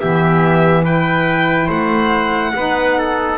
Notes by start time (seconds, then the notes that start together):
0.00 E3 B3 G4 E5
0.84 E4 B4 G5
1.67 A3 C5 F#5
2.55 B3 D#4 B4
2.98 A4